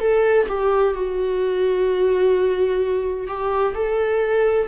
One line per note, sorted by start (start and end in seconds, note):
0.00 0.47 A4
0.48 0.95 G4
0.95 3.28 F#4
3.28 3.75 G4
3.75 4.68 A4